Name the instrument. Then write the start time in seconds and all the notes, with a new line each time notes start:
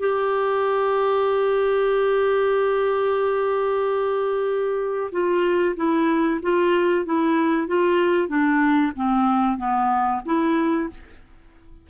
clarinet
0.00 G4
5.12 F4
5.76 E4
6.43 F4
7.06 E4
7.68 F4
8.29 D4
8.96 C4
9.58 B3
10.26 E4